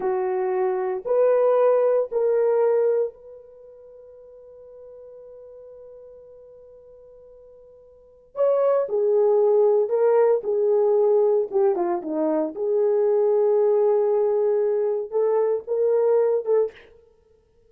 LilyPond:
\new Staff \with { instrumentName = "horn" } { \time 4/4 \tempo 4 = 115 fis'2 b'2 | ais'2 b'2~ | b'1~ | b'1 |
cis''4 gis'2 ais'4 | gis'2 g'8 f'8 dis'4 | gis'1~ | gis'4 a'4 ais'4. a'8 | }